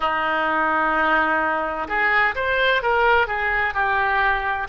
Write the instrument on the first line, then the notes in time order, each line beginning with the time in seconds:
oboe
0.00 D#4
1.87 G#4
2.35 C5
2.82 A#4
3.27 G#4
3.73 G4